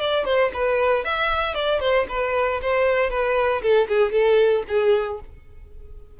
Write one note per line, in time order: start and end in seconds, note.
0.00 0.25 D5
0.25 0.51 C5
0.53 1.04 B4
1.04 1.54 E5
1.54 1.80 D5
1.80 2.06 C5
2.09 2.61 B4
2.61 3.10 C5
3.10 3.61 B4
3.62 3.88 A4
3.88 4.12 G#4
4.12 4.64 A4
4.68 5.20 G#4